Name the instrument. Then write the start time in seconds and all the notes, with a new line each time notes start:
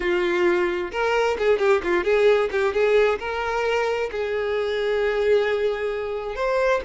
violin
0.00 F4
0.91 A#4
1.38 G#4
1.58 G4
1.83 F4
2.04 G#4
2.51 G4
2.73 G#4
3.19 A#4
4.11 G#4
6.35 C5